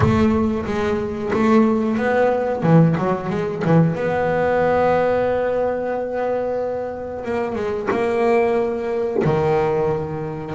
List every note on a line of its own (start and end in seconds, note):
0.00 0.65 A3
0.65 1.31 G#3
1.33 1.97 A3
1.97 2.62 B3
2.62 2.95 E3
2.98 3.29 F#3
3.29 3.62 G#3
3.64 3.95 E3
3.95 7.24 B3
7.24 7.55 A#3
7.55 7.88 G#3
7.91 9.22 A#3
9.24 10.54 D#3